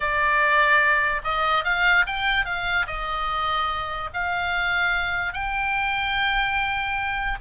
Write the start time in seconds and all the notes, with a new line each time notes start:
0.00 D5
1.24 D#5
1.64 F5
2.06 G5
2.45 F5
2.86 D#5
4.13 F5
5.33 G5